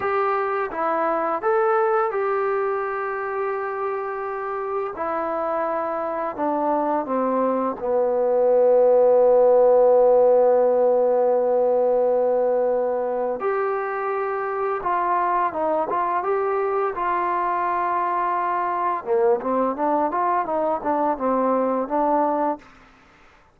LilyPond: \new Staff \with { instrumentName = "trombone" } { \time 4/4 \tempo 4 = 85 g'4 e'4 a'4 g'4~ | g'2. e'4~ | e'4 d'4 c'4 b4~ | b1~ |
b2. g'4~ | g'4 f'4 dis'8 f'8 g'4 | f'2. ais8 c'8 | d'8 f'8 dis'8 d'8 c'4 d'4 | }